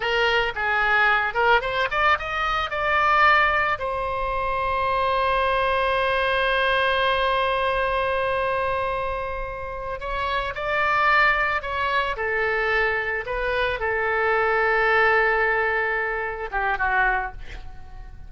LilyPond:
\new Staff \with { instrumentName = "oboe" } { \time 4/4 \tempo 4 = 111 ais'4 gis'4. ais'8 c''8 d''8 | dis''4 d''2 c''4~ | c''1~ | c''1~ |
c''2~ c''8 cis''4 d''8~ | d''4. cis''4 a'4.~ | a'8 b'4 a'2~ a'8~ | a'2~ a'8 g'8 fis'4 | }